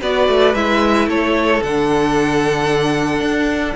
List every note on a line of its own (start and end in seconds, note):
0.00 0.28 B3
0.00 0.54 F#4
0.00 1.08 B4
0.00 0.54 D5
0.28 0.53 A3
0.53 1.07 G#3
0.53 1.62 E4
0.53 1.08 E5
1.07 1.60 A3
1.07 3.76 A4
1.07 1.62 C#5
1.62 3.20 D3
1.62 3.76 D4
1.62 3.76 F#5
3.20 3.74 D4